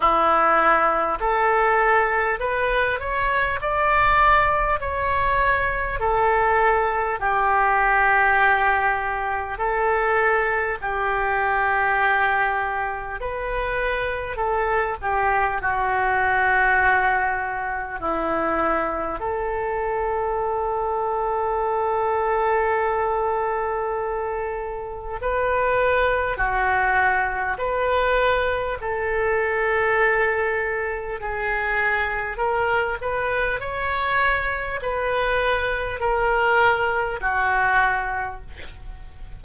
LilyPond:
\new Staff \with { instrumentName = "oboe" } { \time 4/4 \tempo 4 = 50 e'4 a'4 b'8 cis''8 d''4 | cis''4 a'4 g'2 | a'4 g'2 b'4 | a'8 g'8 fis'2 e'4 |
a'1~ | a'4 b'4 fis'4 b'4 | a'2 gis'4 ais'8 b'8 | cis''4 b'4 ais'4 fis'4 | }